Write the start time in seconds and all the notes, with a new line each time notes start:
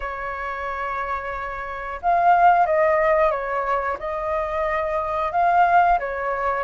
0.00 C#5
2.02 F5
2.65 D#5
3.30 C#5
3.99 D#5
5.32 F5
5.99 C#5